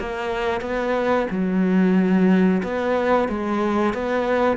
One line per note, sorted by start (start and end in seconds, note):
0.00 0.61 A#3
0.61 1.27 B3
1.30 2.62 F#3
2.63 3.29 B3
3.29 3.94 G#3
3.94 4.57 B3